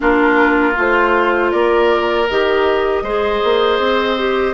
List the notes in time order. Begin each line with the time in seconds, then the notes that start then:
0.00 A#3 D4 F4 A#4
0.74 A3 F4 C5
1.51 A#3 A#4 D5
2.29 D#3 G4 D#5
3.02 G#3 G#4 C5
3.43 A#3
3.78 C4
4.17 G4